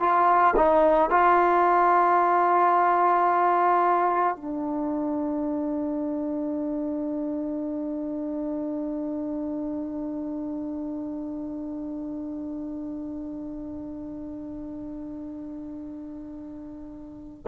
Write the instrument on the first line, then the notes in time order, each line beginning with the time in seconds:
trombone
0.00 F4
0.57 D#4
1.11 F4
4.36 D4